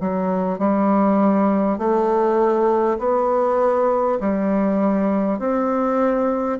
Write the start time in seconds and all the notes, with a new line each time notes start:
0.00 F#3
0.59 G3
1.78 A3
2.99 B3
4.20 G3
5.39 C4